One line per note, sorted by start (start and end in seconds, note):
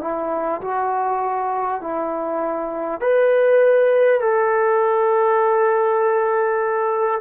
0.00 0.60 E4
0.61 1.81 F#4
1.81 3.01 E4
3.01 4.20 B4
4.20 7.20 A4